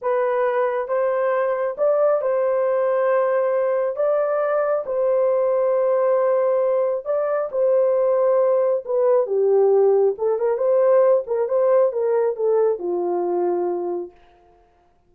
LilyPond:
\new Staff \with { instrumentName = "horn" } { \time 4/4 \tempo 4 = 136 b'2 c''2 | d''4 c''2.~ | c''4 d''2 c''4~ | c''1 |
d''4 c''2. | b'4 g'2 a'8 ais'8 | c''4. ais'8 c''4 ais'4 | a'4 f'2. | }